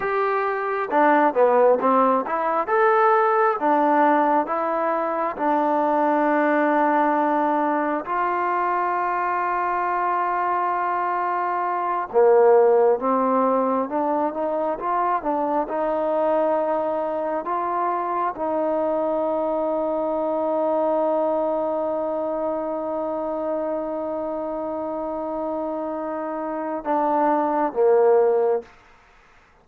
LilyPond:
\new Staff \with { instrumentName = "trombone" } { \time 4/4 \tempo 4 = 67 g'4 d'8 b8 c'8 e'8 a'4 | d'4 e'4 d'2~ | d'4 f'2.~ | f'4. ais4 c'4 d'8 |
dis'8 f'8 d'8 dis'2 f'8~ | f'8 dis'2.~ dis'8~ | dis'1~ | dis'2 d'4 ais4 | }